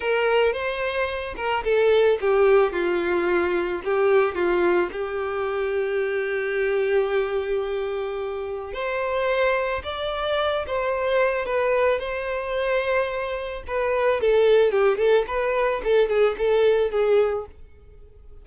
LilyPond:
\new Staff \with { instrumentName = "violin" } { \time 4/4 \tempo 4 = 110 ais'4 c''4. ais'8 a'4 | g'4 f'2 g'4 | f'4 g'2.~ | g'1 |
c''2 d''4. c''8~ | c''4 b'4 c''2~ | c''4 b'4 a'4 g'8 a'8 | b'4 a'8 gis'8 a'4 gis'4 | }